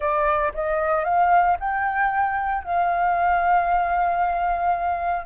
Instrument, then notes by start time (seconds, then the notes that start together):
flute
0.00 D5
0.54 D#5
1.04 F5
1.59 G5
2.63 F5